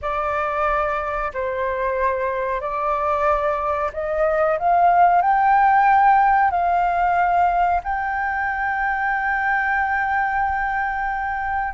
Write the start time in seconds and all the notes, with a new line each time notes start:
0.01 D5
1.33 C5
2.60 D5
3.93 D#5
4.58 F5
5.21 G5
6.50 F5
7.83 G5